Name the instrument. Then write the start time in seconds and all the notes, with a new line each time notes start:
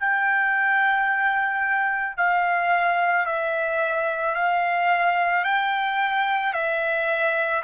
trumpet
0.00 G5
2.17 F5
3.26 E5
4.35 F5
5.44 G5
6.54 E5